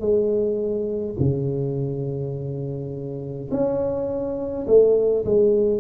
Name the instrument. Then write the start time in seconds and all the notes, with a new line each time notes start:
tuba
0.00 G#3
1.20 C#3
3.51 C#4
4.67 A3
5.25 G#3